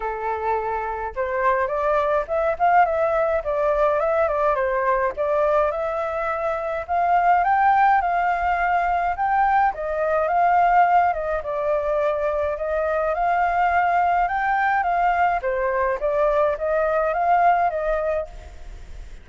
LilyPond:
\new Staff \with { instrumentName = "flute" } { \time 4/4 \tempo 4 = 105 a'2 c''4 d''4 | e''8 f''8 e''4 d''4 e''8 d''8 | c''4 d''4 e''2 | f''4 g''4 f''2 |
g''4 dis''4 f''4. dis''8 | d''2 dis''4 f''4~ | f''4 g''4 f''4 c''4 | d''4 dis''4 f''4 dis''4 | }